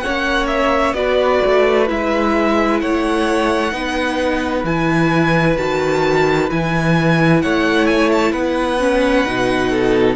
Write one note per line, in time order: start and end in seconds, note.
0.00 0.95 C#4
0.00 0.96 C#5
0.00 0.46 F#5
0.07 0.93 A#3
0.47 0.93 E5
0.93 1.39 B3
0.93 1.87 F#4
0.93 2.82 B4
0.93 1.86 D5
1.45 1.90 A3
1.87 2.82 G#3
1.87 3.72 E4
1.87 2.80 E5
2.80 3.72 A3
2.80 3.74 C#5
2.80 4.65 F#5
3.72 4.64 B3
3.72 4.64 D#4
3.72 7.42 B4
4.64 5.56 E3
4.64 5.57 E4
4.64 5.57 G#5
5.57 6.51 D#3
5.57 6.50 F#4
5.57 6.50 A5
6.50 7.43 E3
6.50 8.79 E4
6.50 7.42 G#5
7.42 8.33 A3
7.42 8.32 C#5
7.42 7.87 F#5
7.87 8.10 G#5
8.12 8.33 A5
8.32 9.25 B3
8.32 9.70 B4
8.32 10.16 F#5
8.79 9.25 C#4
9.25 10.16 B2
9.25 10.16 D#4
9.70 10.16 A4